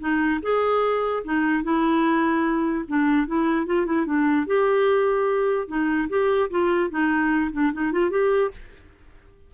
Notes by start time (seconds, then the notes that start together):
0.00 D#4
0.42 G#4
1.24 D#4
1.63 E4
2.88 D4
3.27 E4
3.67 F4
3.86 E4
4.06 D4
4.47 G4
5.68 D#4
6.09 G4
6.50 F4
6.90 D#4
7.53 D4
7.73 D#4
7.92 F4
8.10 G4